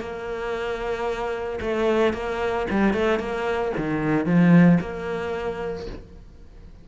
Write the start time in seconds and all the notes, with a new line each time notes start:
0.00 A#3
1.61 A3
2.13 A#3
2.70 G3
2.93 A3
3.19 A#3
3.77 D#3
4.26 F3
4.80 A#3